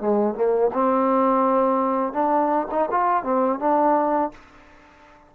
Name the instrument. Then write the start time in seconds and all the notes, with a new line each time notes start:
trombone
0.00 G#3
0.34 A#3
0.73 C4
2.13 D4
2.71 D#4
2.91 F4
3.23 C4
3.59 D4